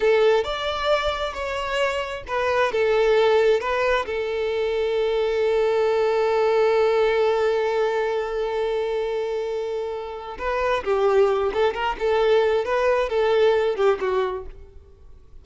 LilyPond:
\new Staff \with { instrumentName = "violin" } { \time 4/4 \tempo 4 = 133 a'4 d''2 cis''4~ | cis''4 b'4 a'2 | b'4 a'2.~ | a'1~ |
a'1~ | a'2. b'4 | g'4. a'8 ais'8 a'4. | b'4 a'4. g'8 fis'4 | }